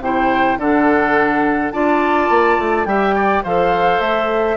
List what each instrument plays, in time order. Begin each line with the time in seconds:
0.00 bassoon C3, clarinet E4, oboe C5, flute G5
0.58 bassoon D3, clarinet D4, oboe A4, flute F#5
1.72 bassoon D4, clarinet F4, oboe D5, flute A5
2.30 bassoon A#3
2.58 bassoon A3
2.85 bassoon G3, clarinet G4, oboe E5, flute G5
3.15 oboe D5
3.44 bassoon F3, clarinet A4, oboe C5, flute F5
4.00 bassoon A3, flute E5